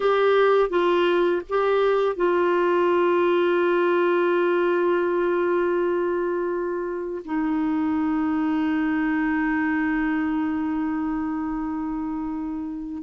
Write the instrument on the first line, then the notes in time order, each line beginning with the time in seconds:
clarinet
0.00 G4
0.69 F4
1.49 G4
2.16 F4
7.25 D#4